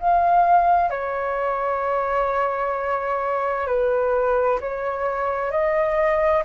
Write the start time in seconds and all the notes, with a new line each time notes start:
0.00 F5
0.90 C#5
3.68 B4
4.61 C#5
5.51 D#5